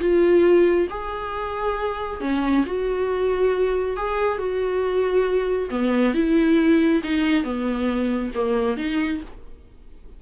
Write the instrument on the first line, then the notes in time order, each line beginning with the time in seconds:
viola
0.00 F4
0.90 G#4
2.21 C#4
2.66 F#4
3.97 G#4
4.38 F#4
5.71 B3
6.15 E4
7.04 D#4
7.44 B3
8.35 A#3
8.77 D#4